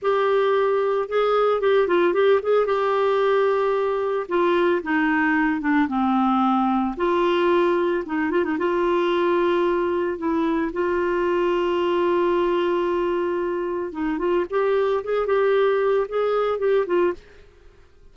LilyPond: \new Staff \with { instrumentName = "clarinet" } { \time 4/4 \tempo 4 = 112 g'2 gis'4 g'8 f'8 | g'8 gis'8 g'2. | f'4 dis'4. d'8 c'4~ | c'4 f'2 dis'8 f'16 dis'16 |
f'2. e'4 | f'1~ | f'2 dis'8 f'8 g'4 | gis'8 g'4. gis'4 g'8 f'8 | }